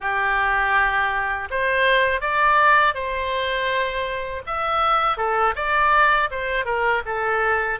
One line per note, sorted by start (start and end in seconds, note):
0.00 1.48 G4
1.50 2.20 C5
2.20 2.94 D5
2.94 4.42 C5
4.46 5.17 E5
5.17 5.54 A4
5.55 6.29 D5
6.31 6.65 C5
6.65 7.02 A#4
7.05 7.79 A4